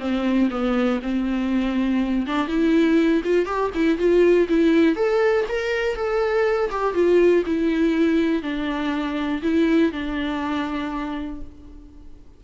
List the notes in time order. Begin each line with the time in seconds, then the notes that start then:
0.00 C4
0.51 B3
1.02 C4
2.27 D4
2.48 E4
3.25 F4
3.46 G4
3.75 E4
3.98 F4
4.49 E4
4.96 A4
5.49 A#4
5.96 A4
6.71 G4
6.95 F4
7.46 E4
8.43 D4
9.43 E4
9.92 D4